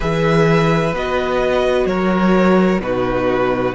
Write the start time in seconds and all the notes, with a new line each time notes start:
0.00 E3 G#4 B4 E5
0.92 B3 F#4 D#5
1.85 F#3 A#4 C#5
2.79 B2 D#4 F#4 B4